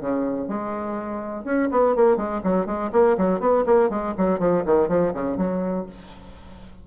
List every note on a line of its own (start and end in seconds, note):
0.00 0.48 C#3
0.48 1.44 G#3
1.44 1.69 C#4
1.71 1.95 B3
1.95 2.17 A#3
2.17 2.41 G#3
2.43 2.65 F#3
2.65 2.90 G#3
2.92 3.16 A#3
3.17 3.40 F#3
3.40 3.64 B3
3.65 3.89 A#3
3.89 4.14 G#3
4.17 4.39 F#3
4.39 4.63 F3
4.65 4.88 D#3
4.88 5.12 F3
5.13 5.37 C#3
5.37 5.85 F#3